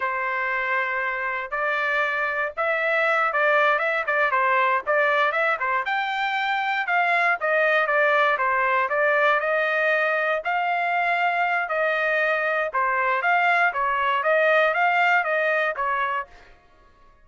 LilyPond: \new Staff \with { instrumentName = "trumpet" } { \time 4/4 \tempo 4 = 118 c''2. d''4~ | d''4 e''4. d''4 e''8 | d''8 c''4 d''4 e''8 c''8 g''8~ | g''4. f''4 dis''4 d''8~ |
d''8 c''4 d''4 dis''4.~ | dis''8 f''2~ f''8 dis''4~ | dis''4 c''4 f''4 cis''4 | dis''4 f''4 dis''4 cis''4 | }